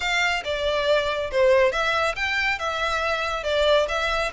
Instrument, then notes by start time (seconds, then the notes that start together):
violin
0.00 F5
0.44 D5
1.31 C5
1.71 E5
2.15 G5
2.58 E5
3.43 D5
3.88 E5